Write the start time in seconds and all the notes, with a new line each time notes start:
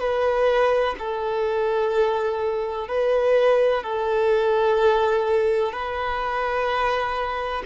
0.00 B4
0.99 A4
2.88 B4
3.83 A4
5.72 B4